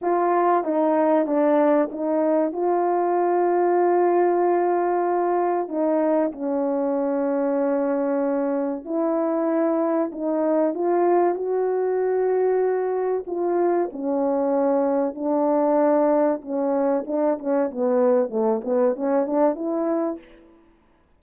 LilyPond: \new Staff \with { instrumentName = "horn" } { \time 4/4 \tempo 4 = 95 f'4 dis'4 d'4 dis'4 | f'1~ | f'4 dis'4 cis'2~ | cis'2 e'2 |
dis'4 f'4 fis'2~ | fis'4 f'4 cis'2 | d'2 cis'4 d'8 cis'8 | b4 a8 b8 cis'8 d'8 e'4 | }